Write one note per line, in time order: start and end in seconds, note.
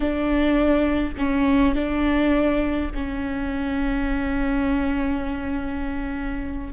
0.00 1.13 D4
1.17 1.74 C#4
1.74 2.91 D4
2.94 6.73 C#4